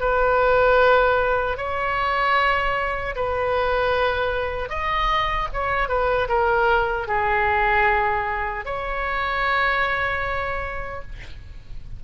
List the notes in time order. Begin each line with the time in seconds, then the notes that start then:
0.00 B4
1.58 C#5
3.15 B4
4.69 D#5
5.53 C#5
5.89 B4
6.29 A#4
7.08 G#4
8.66 C#5